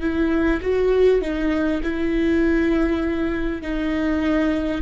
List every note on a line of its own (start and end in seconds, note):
0.00 0.60 E4
0.61 1.21 F#4
1.21 1.81 D#4
1.83 3.61 E4
3.61 4.81 D#4